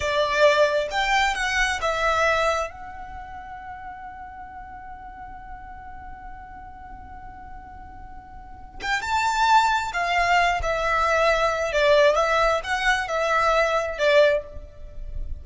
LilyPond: \new Staff \with { instrumentName = "violin" } { \time 4/4 \tempo 4 = 133 d''2 g''4 fis''4 | e''2 fis''2~ | fis''1~ | fis''1~ |
fis''2.~ fis''8 g''8 | a''2 f''4. e''8~ | e''2 d''4 e''4 | fis''4 e''2 d''4 | }